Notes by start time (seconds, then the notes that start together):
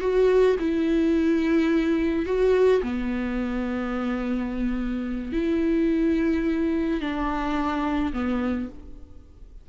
0.00 F#4
0.59 E4
2.26 F#4
2.82 B3
5.33 E4
7.00 D4
8.13 B3